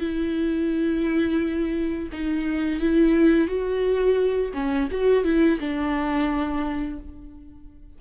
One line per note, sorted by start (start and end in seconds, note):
0.00 2.09 E4
2.12 2.80 D#4
2.80 3.48 E4
3.48 4.52 F#4
4.53 4.88 C#4
4.91 5.24 F#4
5.24 5.59 E4
5.59 6.99 D4